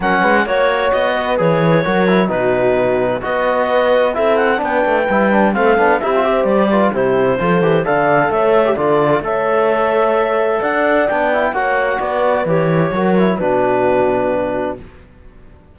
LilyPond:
<<
  \new Staff \with { instrumentName = "clarinet" } { \time 4/4 \tempo 4 = 130 fis''4 cis''4 dis''4 cis''4~ | cis''4 b'2 dis''4~ | dis''4 e''8 fis''8 g''2 | f''4 e''4 d''4 c''4~ |
c''4 f''4 e''4 d''4 | e''2. fis''4 | g''4 fis''4 d''4 cis''4~ | cis''4 b'2. | }
  \new Staff \with { instrumentName = "horn" } { \time 4/4 ais'8 b'8 cis''4. b'4. | ais'4 fis'2 b'4~ | b'4 a'4 b'2 | a'4 g'8 c''4 b'8 g'4 |
a'4 d''4 cis''4 a'4 | cis''2. d''4~ | d''4 cis''4 b'2 | ais'4 fis'2. | }
  \new Staff \with { instrumentName = "trombone" } { \time 4/4 cis'4 fis'2 gis'4 | fis'8 e'8 dis'2 fis'4~ | fis'4 e'4 d'4 e'8 d'8 | c'8 d'8 e'16 f'16 g'4 f'8 e'4 |
f'8 g'8 a'4.~ a'16 g'16 f'4 | a'1 | d'8 e'8 fis'2 g'4 | fis'8 e'8 d'2. | }
  \new Staff \with { instrumentName = "cello" } { \time 4/4 fis8 gis8 ais4 b4 e4 | fis4 b,2 b4~ | b4 c'4 b8 a8 g4 | a8 b8 c'4 g4 c4 |
f8 e8 d4 a4 d4 | a2. d'4 | b4 ais4 b4 e4 | fis4 b,2. | }
>>